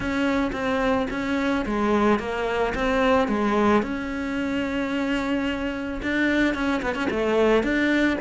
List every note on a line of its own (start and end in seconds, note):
0.00 0.51 C#4
0.52 1.07 C4
1.10 1.65 C#4
1.65 2.19 G#3
2.19 2.73 A#3
2.74 3.28 C4
3.28 3.82 G#3
3.82 6.00 C#4
6.02 6.54 D4
6.54 6.81 C#4
6.82 6.94 B3
6.94 7.08 C#4
7.10 7.63 A3
7.63 8.17 D4